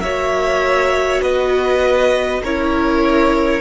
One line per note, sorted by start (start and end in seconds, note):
0.00 1.20 A#3
0.00 2.44 F#4
0.00 1.22 C#5
0.00 1.20 E5
1.22 2.42 B3
1.22 2.42 B4
1.22 2.42 D#5
2.42 3.60 C#4
2.42 3.60 E4
2.42 3.60 A#4
2.42 3.60 C#5